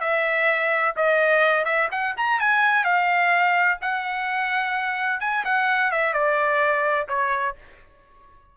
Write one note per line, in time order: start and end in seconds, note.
0.00 0.94 E5
0.96 1.65 D#5
1.65 1.88 E5
1.91 2.15 F#5
2.17 2.40 A#5
2.40 2.84 G#5
2.84 3.79 F5
3.81 5.20 F#5
5.20 5.44 G#5
5.44 5.91 F#5
5.91 6.13 E5
6.13 7.08 D5
7.08 7.55 C#5